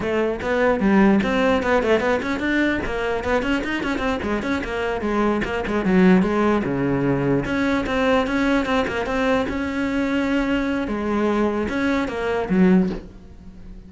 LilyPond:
\new Staff \with { instrumentName = "cello" } { \time 4/4 \tempo 4 = 149 a4 b4 g4 c'4 | b8 a8 b8 cis'8 d'4 ais4 | b8 cis'8 dis'8 cis'8 c'8 gis8 cis'8 ais8~ | ais8 gis4 ais8 gis8 fis4 gis8~ |
gis8 cis2 cis'4 c'8~ | c'8 cis'4 c'8 ais8 c'4 cis'8~ | cis'2. gis4~ | gis4 cis'4 ais4 fis4 | }